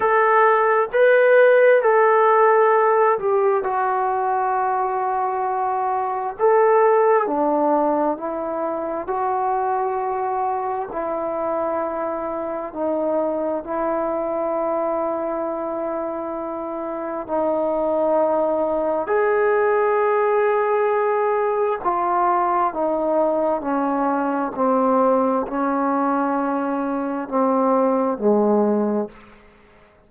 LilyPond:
\new Staff \with { instrumentName = "trombone" } { \time 4/4 \tempo 4 = 66 a'4 b'4 a'4. g'8 | fis'2. a'4 | d'4 e'4 fis'2 | e'2 dis'4 e'4~ |
e'2. dis'4~ | dis'4 gis'2. | f'4 dis'4 cis'4 c'4 | cis'2 c'4 gis4 | }